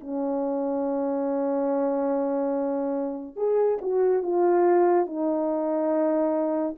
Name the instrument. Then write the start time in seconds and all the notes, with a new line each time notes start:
horn
0.00 C#4
3.36 G#4
3.81 F#4
4.23 F4
5.06 D#4